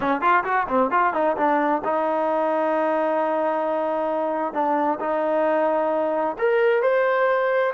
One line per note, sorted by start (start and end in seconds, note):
0.00 0.21 C#4
0.21 0.43 F4
0.44 0.66 F#4
0.68 0.90 C4
0.90 1.13 F4
1.13 1.36 D#4
1.36 1.82 D4
1.84 4.53 D#4
4.53 4.99 D4
5.00 6.36 D#4
6.38 6.82 A#4
6.82 7.73 C5